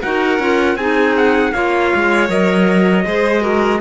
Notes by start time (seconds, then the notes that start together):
0.00 D#4 F#4 A#4 F#5
0.38 C#4 F4
0.75 C4 D#4 G#4 G#5
1.16 F#5
1.52 A#3 F4 C#5 F5
1.95 G#3
2.28 F#3 A#4 D#5
3.04 G#3 G#4 C5
3.40 F#4 A#4